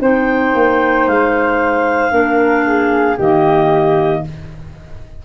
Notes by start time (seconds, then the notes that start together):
0.00 C4 D#4 C5 G5
0.54 A#3
1.07 G#3 F5
2.11 A#3 D4 A#4
2.66 G#4
3.17 D#3 A#3 G4 D#5